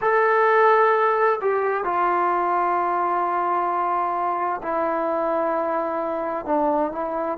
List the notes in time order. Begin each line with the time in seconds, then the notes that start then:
0.01 A4
1.41 G4
1.84 F4
4.62 E4
6.45 D4
6.92 E4